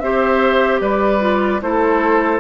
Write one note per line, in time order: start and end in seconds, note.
0.00 0.81 C4
0.00 1.20 G4
0.00 0.82 C5
0.00 0.80 E5
0.81 1.61 G3
0.81 1.62 B4
0.81 1.61 D5
1.20 1.60 F4
1.62 2.41 A3
1.62 2.41 E4
1.62 2.41 A4
1.62 2.41 C5